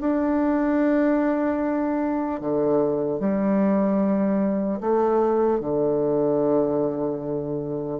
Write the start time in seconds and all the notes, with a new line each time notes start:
0.00 D4
2.40 D3
3.19 G3
4.80 A3
5.60 D3